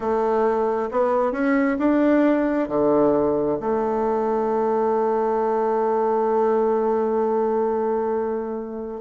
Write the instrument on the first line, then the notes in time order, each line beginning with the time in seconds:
bassoon
0.00 A3
0.91 B3
1.32 C#4
1.78 D4
2.68 D3
3.60 A3